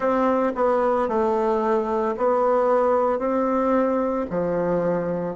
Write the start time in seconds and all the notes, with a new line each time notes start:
0.00 C4
0.55 B3
1.08 A3
2.17 B3
3.19 C4
4.30 F3